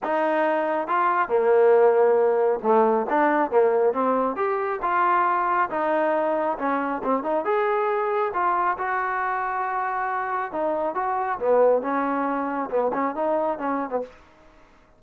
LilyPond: \new Staff \with { instrumentName = "trombone" } { \time 4/4 \tempo 4 = 137 dis'2 f'4 ais4~ | ais2 a4 d'4 | ais4 c'4 g'4 f'4~ | f'4 dis'2 cis'4 |
c'8 dis'8 gis'2 f'4 | fis'1 | dis'4 fis'4 b4 cis'4~ | cis'4 b8 cis'8 dis'4 cis'8. b16 | }